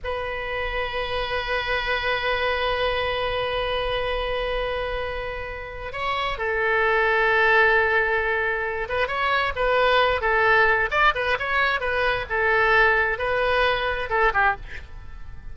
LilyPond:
\new Staff \with { instrumentName = "oboe" } { \time 4/4 \tempo 4 = 132 b'1~ | b'1~ | b'1~ | b'4 cis''4 a'2~ |
a'2.~ a'8 b'8 | cis''4 b'4. a'4. | d''8 b'8 cis''4 b'4 a'4~ | a'4 b'2 a'8 g'8 | }